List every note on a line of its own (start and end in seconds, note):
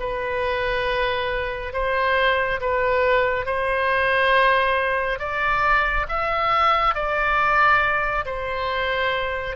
0.00 1.74 B4
1.74 2.60 C5
2.61 3.46 B4
3.46 5.19 C5
5.19 6.06 D5
6.09 6.95 E5
6.95 8.26 D5
8.26 9.57 C5